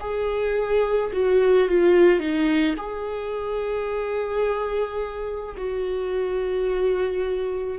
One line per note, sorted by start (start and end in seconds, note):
0.00 1.11 G#4
1.12 1.68 F#4
1.68 2.19 F4
2.19 2.75 D#4
2.77 5.55 G#4
5.57 7.78 F#4